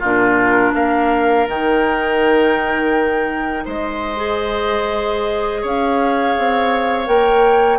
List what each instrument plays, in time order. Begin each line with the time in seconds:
0.00 bassoon A#2, clarinet D4, oboe F4, flute A#4
0.75 bassoon A#3, oboe A#4, flute F5
1.48 bassoon D#3, clarinet D#4, flute G5
3.66 bassoon G#3, oboe C5, flute D#5
4.17 clarinet G#4
5.62 bassoon C#4, oboe C#5, flute F5
6.38 bassoon C4
7.06 bassoon A#3, clarinet A#4, flute G5